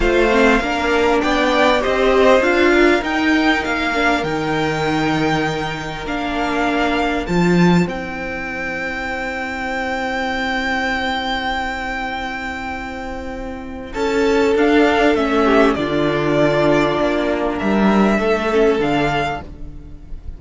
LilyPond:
<<
  \new Staff \with { instrumentName = "violin" } { \time 4/4 \tempo 4 = 99 f''2 g''4 dis''4 | f''4 g''4 f''4 g''4~ | g''2 f''2 | a''4 g''2.~ |
g''1~ | g''2. a''4 | f''4 e''4 d''2~ | d''4 e''2 f''4 | }
  \new Staff \with { instrumentName = "violin" } { \time 4/4 c''4 ais'4 d''4 c''4~ | c''8 ais'2.~ ais'8~ | ais'1 | c''1~ |
c''1~ | c''2. a'4~ | a'4. g'8 f'2~ | f'4 ais'4 a'2 | }
  \new Staff \with { instrumentName = "viola" } { \time 4/4 f'8 c'8 d'2 g'4 | f'4 dis'4. d'8 dis'4~ | dis'2 d'2 | f'4 e'2.~ |
e'1~ | e'1 | d'4 cis'4 d'2~ | d'2~ d'8 cis'8 d'4 | }
  \new Staff \with { instrumentName = "cello" } { \time 4/4 a4 ais4 b4 c'4 | d'4 dis'4 ais4 dis4~ | dis2 ais2 | f4 c'2.~ |
c'1~ | c'2. cis'4 | d'4 a4 d2 | ais4 g4 a4 d4 | }
>>